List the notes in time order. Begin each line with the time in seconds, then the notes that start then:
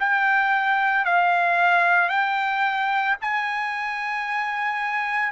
0.00 G5
1.05 F5
2.09 G5
3.21 G#5